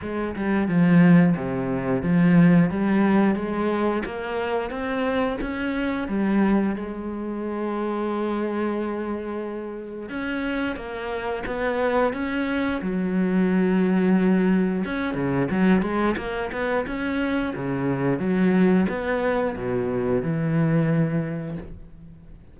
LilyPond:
\new Staff \with { instrumentName = "cello" } { \time 4/4 \tempo 4 = 89 gis8 g8 f4 c4 f4 | g4 gis4 ais4 c'4 | cis'4 g4 gis2~ | gis2. cis'4 |
ais4 b4 cis'4 fis4~ | fis2 cis'8 cis8 fis8 gis8 | ais8 b8 cis'4 cis4 fis4 | b4 b,4 e2 | }